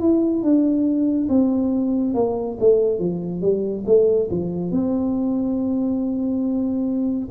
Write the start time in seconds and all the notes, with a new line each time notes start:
0.00 E4
0.43 D4
1.29 C4
2.15 A#3
2.60 A3
2.99 F3
3.41 G3
3.86 A3
4.31 F3
4.71 C4